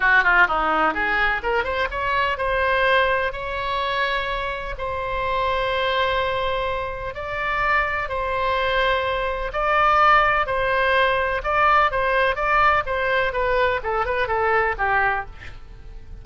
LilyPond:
\new Staff \with { instrumentName = "oboe" } { \time 4/4 \tempo 4 = 126 fis'8 f'8 dis'4 gis'4 ais'8 c''8 | cis''4 c''2 cis''4~ | cis''2 c''2~ | c''2. d''4~ |
d''4 c''2. | d''2 c''2 | d''4 c''4 d''4 c''4 | b'4 a'8 b'8 a'4 g'4 | }